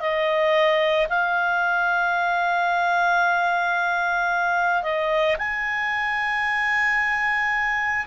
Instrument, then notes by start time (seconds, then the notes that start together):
clarinet
0.00 D#5
1.09 F5
4.83 D#5
5.38 G#5